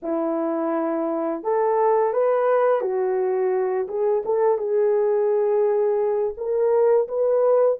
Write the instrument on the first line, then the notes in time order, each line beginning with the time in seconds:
horn
0.02 E4
1.43 A4
2.13 B4
2.81 F#4
3.88 G#4
4.25 A4
4.58 G#4
6.37 A#4
7.07 B4